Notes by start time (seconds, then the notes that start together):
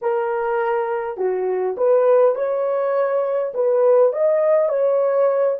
0.01 A#4
1.17 F#4
1.77 B4
2.35 C#5
3.53 B4
4.12 D#5
4.68 C#5